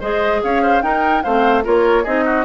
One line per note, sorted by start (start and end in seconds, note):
0.00 0.42 G#3
0.00 0.82 G#4
0.00 0.41 C5
0.00 0.42 D#5
0.43 0.82 C#4
0.43 0.62 C#5
0.43 0.82 F5
0.62 0.82 C5
0.82 1.23 D#4
0.82 1.23 A#4
0.82 1.23 G5
1.23 1.66 A3
1.23 1.64 C4
1.23 1.64 C5
1.23 1.63 F5
1.64 2.06 A#3
1.64 2.04 F4
1.64 2.03 A#4
1.64 2.05 C#5
2.03 2.45 C4
2.03 2.45 D#4
2.03 2.24 G#4
2.03 2.45 D#5
2.25 2.45 F#4